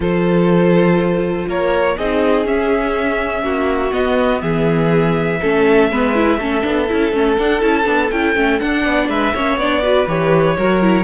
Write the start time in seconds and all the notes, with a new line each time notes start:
0.00 F3 F4 A4 C5
1.47 A#3 A#4 C#5
1.96 C4 D#4 G#4 D#5
2.45 C#4 E5
3.43 A#3 F#4
3.91 B3 D#5
4.41 E3 G#4 E5
5.41 A3 C#4 A4
5.91 G#3 B3 B4
6.15 E4
6.37 A3 C#4 A4
6.62 B3 D4
6.88 C#4 E4
7.12 A3 C#4
7.37 D4 F#5
7.60 C#4 E4 A5
7.85 B3 D4
8.11 C#4 E4 G5
8.35 A3 C#4
8.59 D4 F#5
8.82 B3 D5
9.08 G#3 B4 E5
9.33 A#3 C#4 C#5
9.56 B3 D4 D5
9.82 F#4 B4
10.07 E3 G4 C#5
10.57 F#3 F#4 A#4
10.82 E4